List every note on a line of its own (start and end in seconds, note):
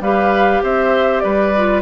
0.00 0.61 G3
0.00 1.55 G4
0.00 0.63 B4
0.00 0.62 F5
0.63 1.23 C4
0.63 1.23 C5
0.63 1.20 E5
1.20 1.82 G3
1.20 1.82 B4
1.20 1.80 D5
1.56 1.82 F4